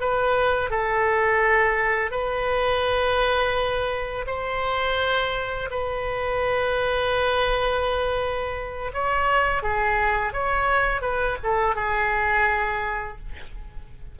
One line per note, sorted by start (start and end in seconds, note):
0.00 0.70 B4
0.70 2.11 A4
2.11 4.25 B4
4.26 5.69 C5
5.70 8.92 B4
8.93 9.62 C#5
9.62 10.33 G#4
10.33 11.01 C#5
11.01 11.37 B4
11.43 11.75 A4
11.75 13.18 G#4